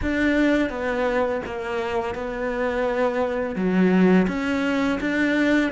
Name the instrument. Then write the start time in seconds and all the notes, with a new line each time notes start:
cello
0.02 D4
0.69 B3
1.45 A#3
2.14 B3
3.55 F#3
4.27 C#4
5.00 D4